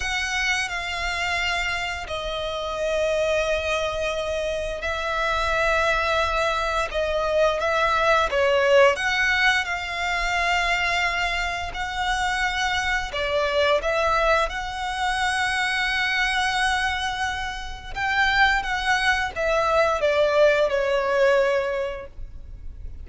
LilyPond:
\new Staff \with { instrumentName = "violin" } { \time 4/4 \tempo 4 = 87 fis''4 f''2 dis''4~ | dis''2. e''4~ | e''2 dis''4 e''4 | cis''4 fis''4 f''2~ |
f''4 fis''2 d''4 | e''4 fis''2.~ | fis''2 g''4 fis''4 | e''4 d''4 cis''2 | }